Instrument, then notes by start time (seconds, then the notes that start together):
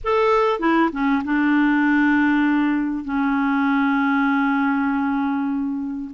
clarinet
0.04 A4
0.59 E4
0.92 C#4
1.24 D4
3.04 C#4